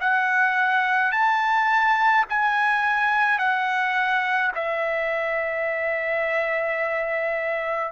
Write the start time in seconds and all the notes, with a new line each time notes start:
0.00 F#5
1.12 A5
2.30 G#5
3.39 F#5
4.55 E5